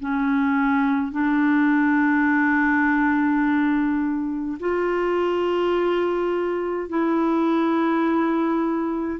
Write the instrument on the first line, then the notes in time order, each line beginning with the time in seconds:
clarinet
0.00 C#4
1.12 D4
4.59 F4
6.89 E4